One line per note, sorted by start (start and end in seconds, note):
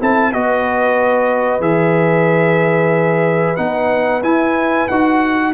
0.00 0.33 C4
0.00 0.33 E4
0.00 0.31 A4
0.00 0.33 A5
0.31 1.60 B3
0.31 1.61 F#4
0.31 5.53 B4
0.31 1.62 D#5
1.60 3.56 E3
1.60 3.56 G#4
1.60 3.56 E5
3.56 4.23 B3
3.56 4.22 D#4
3.56 4.21 F#5
4.23 4.88 E4
4.23 4.89 E4
4.23 4.88 G#5
4.88 5.54 D#4
4.88 5.54 F#4
4.88 5.53 F#5